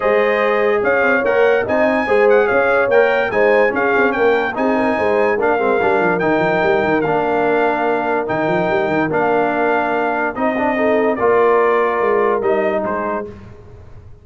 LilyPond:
<<
  \new Staff \with { instrumentName = "trumpet" } { \time 4/4 \tempo 4 = 145 dis''2 f''4 fis''4 | gis''4. fis''8 f''4 g''4 | gis''4 f''4 g''4 gis''4~ | gis''4 f''2 g''4~ |
g''4 f''2. | g''2 f''2~ | f''4 dis''2 d''4~ | d''2 dis''4 c''4 | }
  \new Staff \with { instrumentName = "horn" } { \time 4/4 c''2 cis''2 | dis''4 c''4 cis''2 | c''4 gis'4 ais'4 gis'8 ais'8 | c''4 ais'2.~ |
ais'1~ | ais'1~ | ais'2 a'4 ais'4~ | ais'2. gis'4 | }
  \new Staff \with { instrumentName = "trombone" } { \time 4/4 gis'2. ais'4 | dis'4 gis'2 ais'4 | dis'4 cis'2 dis'4~ | dis'4 d'8 c'8 d'4 dis'4~ |
dis'4 d'2. | dis'2 d'2~ | d'4 dis'8 d'8 dis'4 f'4~ | f'2 dis'2 | }
  \new Staff \with { instrumentName = "tuba" } { \time 4/4 gis2 cis'8 c'8 ais4 | c'4 gis4 cis'4 ais4 | gis4 cis'8 c'8 ais4 c'4 | gis4 ais8 gis8 g8 f8 dis8 f8 |
g8 dis8 ais2. | dis8 f8 g8 dis8 ais2~ | ais4 c'2 ais4~ | ais4 gis4 g4 gis4 | }
>>